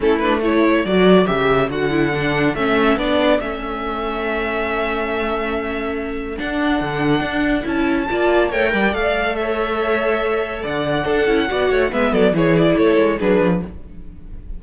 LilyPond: <<
  \new Staff \with { instrumentName = "violin" } { \time 4/4 \tempo 4 = 141 a'8 b'8 cis''4 d''4 e''4 | fis''2 e''4 d''4 | e''1~ | e''2. fis''4~ |
fis''2 a''2 | g''4 f''4 e''2~ | e''4 fis''2. | e''8 d''8 cis''8 d''8 cis''4 b'4 | }
  \new Staff \with { instrumentName = "violin" } { \time 4/4 e'4 a'2.~ | a'1~ | a'1~ | a'1~ |
a'2. d''4 | cis''8 d''4. cis''2~ | cis''4 d''4 a'4 d''8 cis''8 | b'8 a'8 gis'4 a'4 gis'4 | }
  \new Staff \with { instrumentName = "viola" } { \time 4/4 cis'8 d'8 e'4 fis'4 g'4 | fis'8 e'8 d'4 cis'4 d'4 | cis'1~ | cis'2. d'4~ |
d'2 e'4 f'4 | ais'4 a'2.~ | a'2 d'8 e'8 fis'4 | b4 e'2 d'4 | }
  \new Staff \with { instrumentName = "cello" } { \time 4/4 a2 fis4 cis4 | d2 a4 b4 | a1~ | a2. d'4 |
d4 d'4 cis'4 ais4 | a8 g8 a2.~ | a4 d4 d'8 cis'8 b8 a8 | gis8 fis8 e4 a8 gis8 fis8 f8 | }
>>